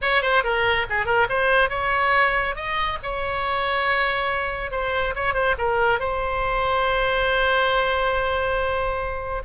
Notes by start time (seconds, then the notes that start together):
0.01 C#5
0.21 C5
0.43 A#4
0.89 G#4
1.05 A#4
1.29 C5
1.69 C#5
2.55 D#5
3.02 C#5
4.71 C5
5.15 C#5
5.34 C5
5.58 A#4
5.99 C5